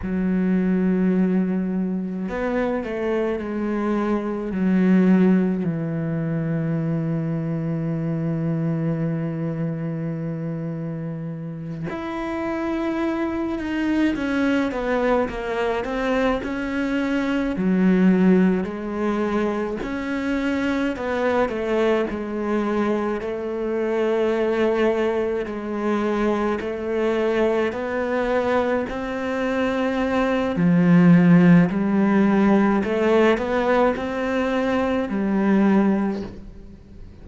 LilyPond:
\new Staff \with { instrumentName = "cello" } { \time 4/4 \tempo 4 = 53 fis2 b8 a8 gis4 | fis4 e2.~ | e2~ e8 e'4. | dis'8 cis'8 b8 ais8 c'8 cis'4 fis8~ |
fis8 gis4 cis'4 b8 a8 gis8~ | gis8 a2 gis4 a8~ | a8 b4 c'4. f4 | g4 a8 b8 c'4 g4 | }